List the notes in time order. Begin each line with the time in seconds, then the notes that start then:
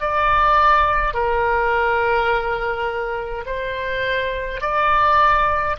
0.00 D5
1.14 A#4
3.46 C5
4.61 D5